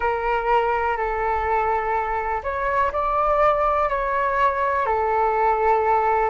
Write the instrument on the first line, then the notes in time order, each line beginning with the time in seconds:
flute
0.00 A#4
0.97 A4
2.43 C#5
2.92 D5
3.89 C#5
4.86 A4